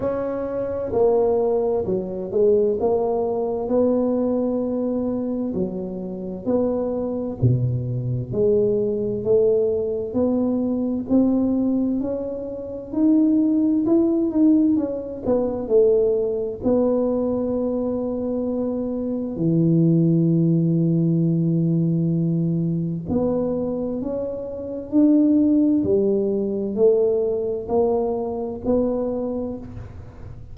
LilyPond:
\new Staff \with { instrumentName = "tuba" } { \time 4/4 \tempo 4 = 65 cis'4 ais4 fis8 gis8 ais4 | b2 fis4 b4 | b,4 gis4 a4 b4 | c'4 cis'4 dis'4 e'8 dis'8 |
cis'8 b8 a4 b2~ | b4 e2.~ | e4 b4 cis'4 d'4 | g4 a4 ais4 b4 | }